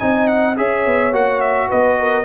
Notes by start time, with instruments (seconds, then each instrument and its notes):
0.00 tuba C4, trombone D#4, horn D#5, trumpet G#5
0.28 trumpet F#5
0.57 tuba C#4, trombone G#4, horn C#5, trumpet E5
0.86 tuba B3
1.13 tuba A#3, trombone F#4, trumpet F#5
1.41 trumpet E5
1.69 tuba B3, horn B4, trumpet D#5
2.00 horn A#4